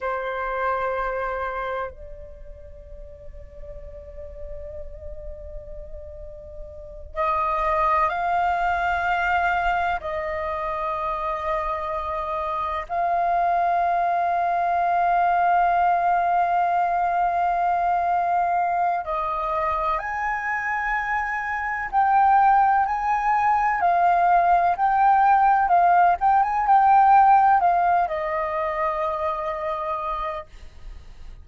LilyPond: \new Staff \with { instrumentName = "flute" } { \time 4/4 \tempo 4 = 63 c''2 d''2~ | d''2.~ d''8 dis''8~ | dis''8 f''2 dis''4.~ | dis''4. f''2~ f''8~ |
f''1 | dis''4 gis''2 g''4 | gis''4 f''4 g''4 f''8 g''16 gis''16 | g''4 f''8 dis''2~ dis''8 | }